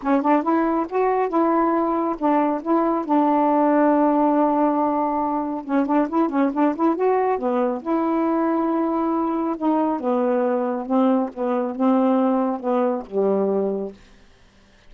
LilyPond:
\new Staff \with { instrumentName = "saxophone" } { \time 4/4 \tempo 4 = 138 cis'8 d'8 e'4 fis'4 e'4~ | e'4 d'4 e'4 d'4~ | d'1~ | d'4 cis'8 d'8 e'8 cis'8 d'8 e'8 |
fis'4 b4 e'2~ | e'2 dis'4 b4~ | b4 c'4 b4 c'4~ | c'4 b4 g2 | }